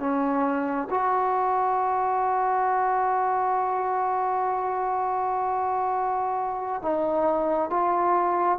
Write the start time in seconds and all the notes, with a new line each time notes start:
0.00 C#4
0.90 F#4
6.82 D#4
7.70 F4